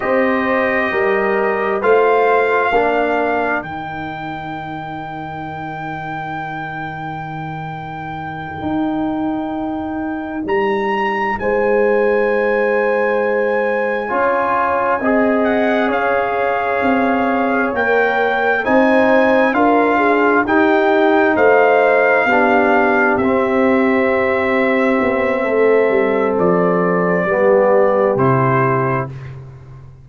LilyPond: <<
  \new Staff \with { instrumentName = "trumpet" } { \time 4/4 \tempo 4 = 66 dis''2 f''2 | g''1~ | g''2.~ g''8 ais''8~ | ais''8 gis''2.~ gis''8~ |
gis''4 fis''8 f''2 g''8~ | g''8 gis''4 f''4 g''4 f''8~ | f''4. e''2~ e''8~ | e''4 d''2 c''4 | }
  \new Staff \with { instrumentName = "horn" } { \time 4/4 c''4 ais'4 c''4 ais'4~ | ais'1~ | ais'1~ | ais'8 c''2. cis''8~ |
cis''8 dis''4 cis''2~ cis''8~ | cis''8 c''4 ais'8 gis'8 g'4 c''8~ | c''8 g'2.~ g'8 | a'2 g'2 | }
  \new Staff \with { instrumentName = "trombone" } { \time 4/4 g'2 f'4 d'4 | dis'1~ | dis'1~ | dis'2.~ dis'8 f'8~ |
f'8 gis'2. ais'8~ | ais'8 dis'4 f'4 dis'4.~ | dis'8 d'4 c'2~ c'8~ | c'2 b4 e'4 | }
  \new Staff \with { instrumentName = "tuba" } { \time 4/4 c'4 g4 a4 ais4 | dis1~ | dis4. dis'2 g8~ | g8 gis2. cis'8~ |
cis'8 c'4 cis'4 c'4 ais8~ | ais8 c'4 d'4 dis'4 a8~ | a8 b4 c'2 b8 | a8 g8 f4 g4 c4 | }
>>